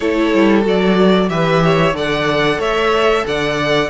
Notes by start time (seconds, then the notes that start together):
0.00 A3 E4 A4 C#5
0.33 G3
0.63 F#3 F#4 D5
1.29 E3 G4 B4 E5
1.64 C#5
1.93 D3 A4 D5 F#5
2.58 A3 C#5 E5
3.26 D3 D5 F#5